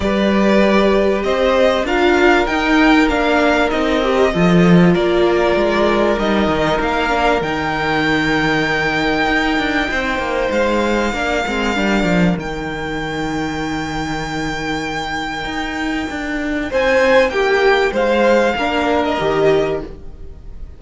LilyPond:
<<
  \new Staff \with { instrumentName = "violin" } { \time 4/4 \tempo 4 = 97 d''2 dis''4 f''4 | g''4 f''4 dis''2 | d''2 dis''4 f''4 | g''1~ |
g''4 f''2. | g''1~ | g''2. gis''4 | g''4 f''4.~ f''16 dis''4~ dis''16 | }
  \new Staff \with { instrumentName = "violin" } { \time 4/4 b'2 c''4 ais'4~ | ais'2. a'4 | ais'1~ | ais'1 |
c''2 ais'2~ | ais'1~ | ais'2. c''4 | g'4 c''4 ais'2 | }
  \new Staff \with { instrumentName = "viola" } { \time 4/4 g'2. f'4 | dis'4 d'4 dis'8 g'8 f'4~ | f'2 dis'4. d'8 | dis'1~ |
dis'2 d'8 c'8 d'4 | dis'1~ | dis'1~ | dis'2 d'4 g'4 | }
  \new Staff \with { instrumentName = "cello" } { \time 4/4 g2 c'4 d'4 | dis'4 ais4 c'4 f4 | ais4 gis4 g8 dis8 ais4 | dis2. dis'8 d'8 |
c'8 ais8 gis4 ais8 gis8 g8 f8 | dis1~ | dis4 dis'4 d'4 c'4 | ais4 gis4 ais4 dis4 | }
>>